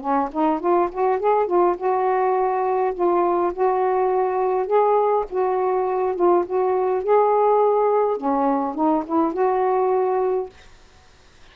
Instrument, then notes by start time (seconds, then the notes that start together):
saxophone
0.00 C#4
0.32 D#4
0.60 F4
0.92 F#4
1.19 G#4
1.47 F4
1.77 F#4
2.94 F4
3.53 F#4
4.67 G#4
5.30 F#4
6.16 F4
6.46 F#4
7.03 G#4
8.17 C#4
8.75 D#4
9.06 E4
9.33 F#4